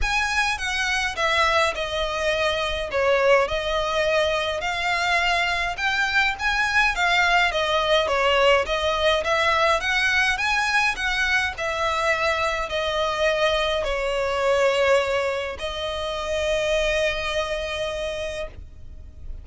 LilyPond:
\new Staff \with { instrumentName = "violin" } { \time 4/4 \tempo 4 = 104 gis''4 fis''4 e''4 dis''4~ | dis''4 cis''4 dis''2 | f''2 g''4 gis''4 | f''4 dis''4 cis''4 dis''4 |
e''4 fis''4 gis''4 fis''4 | e''2 dis''2 | cis''2. dis''4~ | dis''1 | }